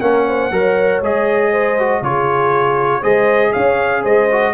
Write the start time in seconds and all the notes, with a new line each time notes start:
0.00 A#3 C#4 A#4 F#5
0.27 C5
0.51 F#3 A#4 C#5
1.01 G#3 G#4 D#5
1.51 C5
1.79 F#4
2.01 C#3 F4 G#4 C#5
3.01 G#3 G#4 C5 D#5
3.52 C#4 C#5 F5
4.02 G#3 C5 D#5
4.31 F#4